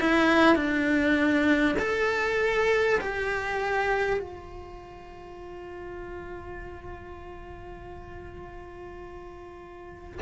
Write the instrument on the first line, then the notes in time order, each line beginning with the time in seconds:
cello
0.00 E4
0.56 D4
1.79 A4
3.01 G4
4.19 F4